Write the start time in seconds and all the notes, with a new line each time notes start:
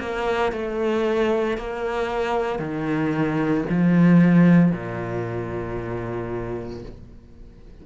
0.00 A#3
0.53 A3
1.58 A#3
2.59 D#3
3.70 F3
4.72 A#2